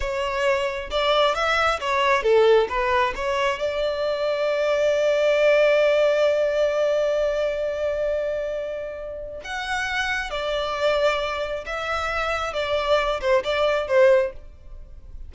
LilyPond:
\new Staff \with { instrumentName = "violin" } { \time 4/4 \tempo 4 = 134 cis''2 d''4 e''4 | cis''4 a'4 b'4 cis''4 | d''1~ | d''1~ |
d''1~ | d''4 fis''2 d''4~ | d''2 e''2 | d''4. c''8 d''4 c''4 | }